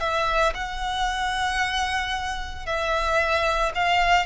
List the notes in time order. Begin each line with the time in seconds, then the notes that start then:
0.00 E5
0.54 F#5
2.66 E5
3.75 F5